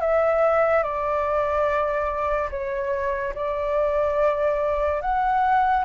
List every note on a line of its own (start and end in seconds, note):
0.00 0.83 E5
0.83 2.49 D5
2.50 3.33 C#5
3.34 5.01 D5
5.01 5.84 F#5